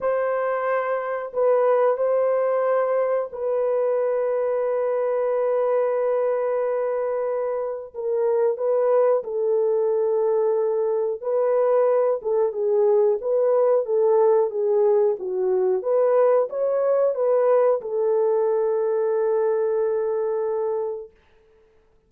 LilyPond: \new Staff \with { instrumentName = "horn" } { \time 4/4 \tempo 4 = 91 c''2 b'4 c''4~ | c''4 b'2.~ | b'1 | ais'4 b'4 a'2~ |
a'4 b'4. a'8 gis'4 | b'4 a'4 gis'4 fis'4 | b'4 cis''4 b'4 a'4~ | a'1 | }